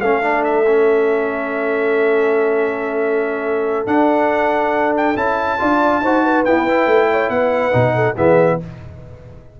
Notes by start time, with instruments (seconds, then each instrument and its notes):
0.00 tuba A3, trombone C#4, horn A4, trumpet F5
0.22 trombone D4
0.44 trumpet E5
0.66 trombone C#4
3.87 tuba D4, trombone D4, trumpet F#5
4.97 trumpet G5
5.16 tuba C#4, trombone E4, trumpet A5
5.59 tuba D4, trombone F4, horn D5
6.00 tuba D#4, trombone F#4, horn C5
6.23 horn B4
6.45 trombone B3, tuba E4, trumpet G5
6.67 trombone E4
6.86 tuba A3
7.11 horn C#5
7.29 tuba B3, horn B4, trumpet F#5
7.72 tuba B2, trombone D#4
7.95 horn A4
8.16 tuba E3, trombone B3, horn G#4, trumpet E5